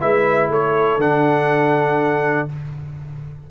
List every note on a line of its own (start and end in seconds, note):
0.00 0.49 G#3
0.00 0.99 E4
0.00 0.51 B4
0.00 0.50 E5
0.49 0.97 A3
0.49 2.50 A4
0.49 1.00 C#5
0.97 2.46 D3
0.97 2.49 D4
0.97 2.49 F#5